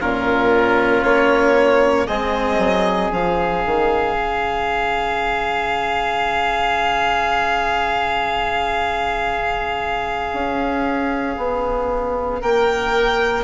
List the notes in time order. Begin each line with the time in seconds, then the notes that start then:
0.00 A#2 C#4 F4 A#4
1.04 A#3 C#5
2.07 G#3 C4 G#4 D#5
2.58 F#3
3.11 F3 C#4 F5
3.66 D#3
4.14 C#3
10.33 C#4
11.38 B3
12.41 A#3 A#4 G5